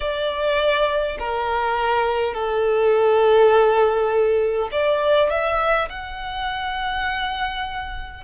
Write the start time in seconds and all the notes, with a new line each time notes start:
0.00 D5
1.19 A#4
2.34 A4
4.71 D5
5.29 E5
5.89 F#5